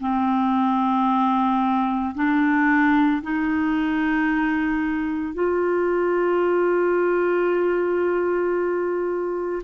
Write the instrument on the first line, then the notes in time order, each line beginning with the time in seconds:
clarinet
0.00 C4
2.15 D4
3.22 D#4
5.34 F4